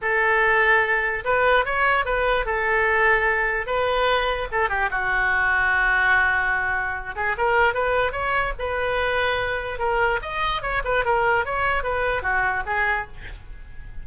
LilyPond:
\new Staff \with { instrumentName = "oboe" } { \time 4/4 \tempo 4 = 147 a'2. b'4 | cis''4 b'4 a'2~ | a'4 b'2 a'8 g'8 | fis'1~ |
fis'4. gis'8 ais'4 b'4 | cis''4 b'2. | ais'4 dis''4 cis''8 b'8 ais'4 | cis''4 b'4 fis'4 gis'4 | }